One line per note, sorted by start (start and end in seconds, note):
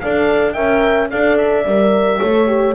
0.00 0.56 D4
0.00 0.54 A4
0.00 0.54 D5
0.00 0.53 F5
0.53 1.11 C#4
0.53 1.09 A#4
0.53 1.09 E5
0.53 1.08 G5
1.10 1.65 D4
1.10 1.66 A4
1.10 2.20 D5
1.10 1.37 F5
1.37 2.75 E5
1.65 2.20 G3
1.65 2.20 A#4
2.20 2.75 A3
2.20 2.47 A4
2.20 2.75 C#5
2.47 2.74 G4